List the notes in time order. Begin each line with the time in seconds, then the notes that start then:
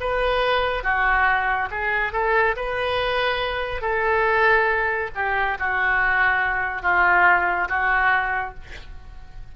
0.00 B4
0.83 F#4
1.70 G#4
2.12 A4
2.56 B4
3.81 A4
5.15 G4
5.59 F#4
6.82 F4
7.68 F#4